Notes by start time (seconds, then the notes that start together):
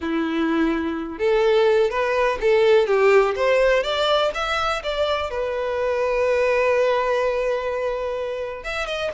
0.00 E4
1.18 A4
1.90 B4
2.40 A4
2.87 G4
3.35 C5
3.83 D5
4.34 E5
4.83 D5
5.30 B4
8.63 E5
8.87 D#5